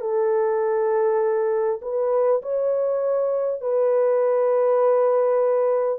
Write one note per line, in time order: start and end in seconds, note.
0.00 1.80 A4
1.81 2.41 B4
2.42 3.61 C#5
3.61 5.98 B4